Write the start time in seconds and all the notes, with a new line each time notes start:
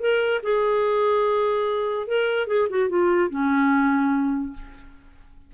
0.00 A#4
0.43 G#4
2.07 A#4
2.47 G#4
2.70 F#4
2.89 F4
3.30 C#4